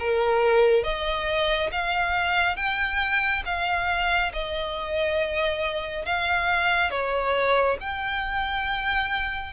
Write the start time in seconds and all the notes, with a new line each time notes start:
0.00 A#4
0.84 D#5
1.72 F5
2.57 G5
3.46 F5
4.34 D#5
6.06 F5
6.91 C#5
7.81 G5